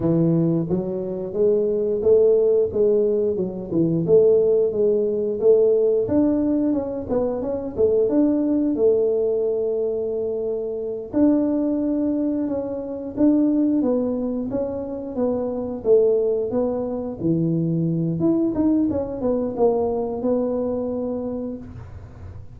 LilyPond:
\new Staff \with { instrumentName = "tuba" } { \time 4/4 \tempo 4 = 89 e4 fis4 gis4 a4 | gis4 fis8 e8 a4 gis4 | a4 d'4 cis'8 b8 cis'8 a8 | d'4 a2.~ |
a8 d'2 cis'4 d'8~ | d'8 b4 cis'4 b4 a8~ | a8 b4 e4. e'8 dis'8 | cis'8 b8 ais4 b2 | }